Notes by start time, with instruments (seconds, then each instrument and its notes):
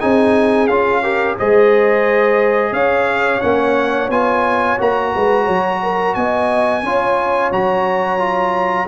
0.00 tuba C4, trombone D#4, horn G#4, trumpet G#5
0.67 tuba C#4, trombone F4, trumpet F5
1.03 trombone G4, horn A#4
1.38 tuba G#3, trombone G#4, horn C5, trumpet D#5
2.72 tuba C#4, horn C#5, trumpet F5
3.41 tuba A#3, trombone C#4, trumpet F#5
4.09 tuba B3, trombone F4, trumpet G#5
4.78 tuba A#3, trombone F#4, trumpet A#5
5.15 tuba G#3, horn B4
5.45 tuba F#3, horn C#5
5.83 horn A#4
6.14 tuba B3, horn D#5, trumpet G#5
6.83 tuba C#4, trombone F4, horn C#5
7.52 tuba F#3, trombone F#4, trumpet A#5
8.19 trombone F4